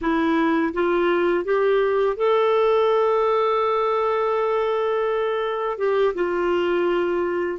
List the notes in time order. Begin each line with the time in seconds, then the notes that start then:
0.01 E4
0.73 F4
1.44 G4
2.16 A4
5.77 G4
6.14 F4